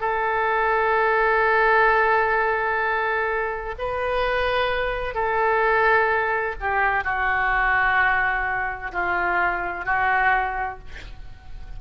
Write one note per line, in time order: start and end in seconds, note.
0.00 3.75 A4
3.78 5.15 B4
5.15 6.55 A4
6.61 7.04 G4
7.04 8.91 F#4
8.92 9.85 F4
9.85 10.79 F#4